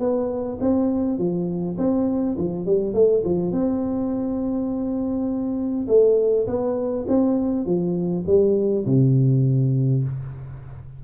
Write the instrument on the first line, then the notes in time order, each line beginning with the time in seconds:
tuba
0.00 B3
0.61 C4
1.18 F3
1.78 C4
2.38 F3
2.66 G3
2.94 A3
3.25 F3
3.52 C4
5.88 A3
6.47 B3
7.08 C4
7.66 F3
8.27 G3
8.86 C3